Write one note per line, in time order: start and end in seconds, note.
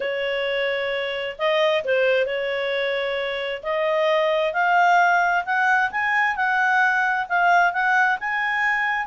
0.00 1.36 C#5
1.38 1.84 D#5
1.84 2.26 C5
2.26 3.62 C#5
3.62 4.53 D#5
4.53 5.44 F5
5.45 5.90 F#5
5.91 6.36 G#5
6.36 7.26 F#5
7.29 7.73 F5
7.73 8.18 F#5
8.20 9.07 G#5